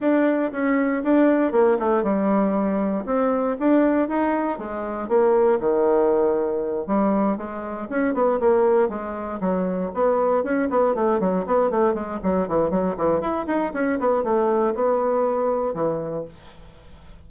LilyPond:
\new Staff \with { instrumentName = "bassoon" } { \time 4/4 \tempo 4 = 118 d'4 cis'4 d'4 ais8 a8 | g2 c'4 d'4 | dis'4 gis4 ais4 dis4~ | dis4. g4 gis4 cis'8 |
b8 ais4 gis4 fis4 b8~ | b8 cis'8 b8 a8 fis8 b8 a8 gis8 | fis8 e8 fis8 e8 e'8 dis'8 cis'8 b8 | a4 b2 e4 | }